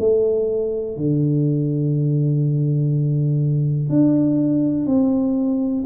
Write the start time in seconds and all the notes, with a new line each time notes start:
0.00 A3
0.97 D3
3.90 D4
4.86 C4